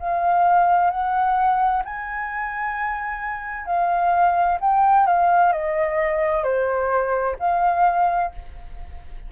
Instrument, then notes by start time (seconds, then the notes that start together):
flute
0.00 F5
0.91 F#5
1.85 G#5
3.66 F5
4.61 G5
5.07 F5
5.53 D#5
6.44 C5
7.40 F5